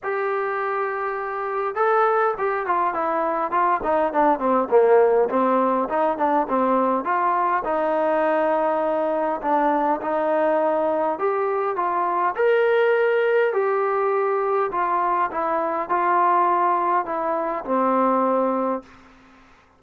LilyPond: \new Staff \with { instrumentName = "trombone" } { \time 4/4 \tempo 4 = 102 g'2. a'4 | g'8 f'8 e'4 f'8 dis'8 d'8 c'8 | ais4 c'4 dis'8 d'8 c'4 | f'4 dis'2. |
d'4 dis'2 g'4 | f'4 ais'2 g'4~ | g'4 f'4 e'4 f'4~ | f'4 e'4 c'2 | }